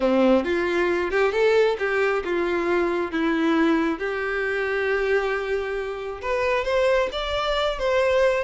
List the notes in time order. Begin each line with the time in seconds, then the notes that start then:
0.00 C4
0.44 F4
1.10 G4
1.32 A4
1.78 G4
2.24 F4
3.11 E4
3.98 G4
6.21 B4
6.64 C5
7.12 D5
7.78 C5